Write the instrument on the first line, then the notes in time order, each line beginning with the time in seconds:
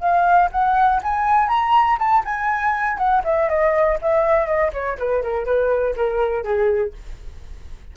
flute
0.00 F5
0.52 F#5
1.03 G#5
1.49 A#5
1.99 A5
2.25 G#5
2.98 F#5
3.24 E5
3.49 D#5
4.02 E5
4.47 D#5
4.73 C#5
4.98 B4
5.23 A#4
5.45 B4
5.96 A#4
6.44 G#4